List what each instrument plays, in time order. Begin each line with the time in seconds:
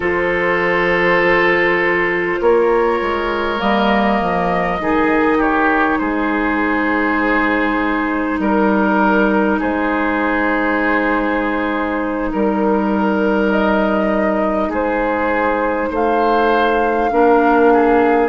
0.00 bassoon F3, clarinet F4, oboe A4, flute C5
2.40 bassoon A#3, oboe A#4, flute C#5
3.01 bassoon G#3
3.58 bassoon G3, clarinet A#3, flute D#5
4.21 bassoon F3
4.79 bassoon D#3, clarinet D#4, oboe G#4
5.38 oboe G4, flute C#5
5.99 bassoon G#3, oboe G#4, flute C5
8.38 bassoon G3, flute A#4, oboe A#4
9.59 bassoon G#3, oboe G#4, flute C5
12.31 bassoon G3, flute A#4, oboe A#4
13.51 flute D#5
14.68 bassoon G#3, oboe G#4, flute C5
15.90 bassoon A3, oboe C5, flute F5
17.10 bassoon A#3, clarinet D4, oboe A#4
17.72 oboe G#4